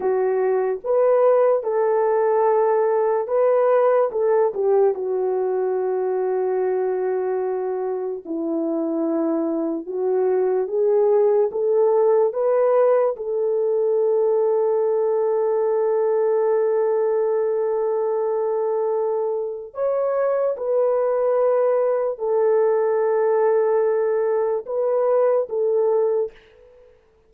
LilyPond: \new Staff \with { instrumentName = "horn" } { \time 4/4 \tempo 4 = 73 fis'4 b'4 a'2 | b'4 a'8 g'8 fis'2~ | fis'2 e'2 | fis'4 gis'4 a'4 b'4 |
a'1~ | a'1 | cis''4 b'2 a'4~ | a'2 b'4 a'4 | }